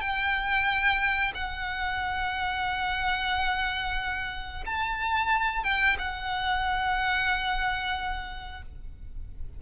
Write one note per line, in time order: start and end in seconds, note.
0.00 1.32 G5
1.34 4.64 F#5
4.65 5.63 A5
5.63 5.96 G5
5.98 8.62 F#5